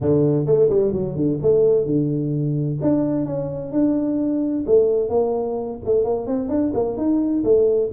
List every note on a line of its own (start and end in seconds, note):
0.00 0.45 D3
0.45 0.69 A3
0.69 0.92 G3
0.92 1.15 F#3
1.16 1.39 D3
1.41 1.85 A3
1.85 2.78 D3
2.81 3.25 D4
3.25 3.71 C#4
3.71 4.64 D4
4.66 5.09 A3
5.09 5.78 A#3
5.85 6.04 A3
6.04 6.26 A#3
6.26 6.49 C4
6.49 6.72 D4
6.73 6.97 A#3
6.97 7.43 D#4
7.44 7.90 A3